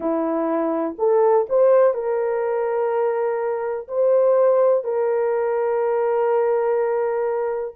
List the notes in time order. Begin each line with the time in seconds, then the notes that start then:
0.00 E4
0.98 A4
1.49 C5
1.94 A#4
3.88 C5
4.84 A#4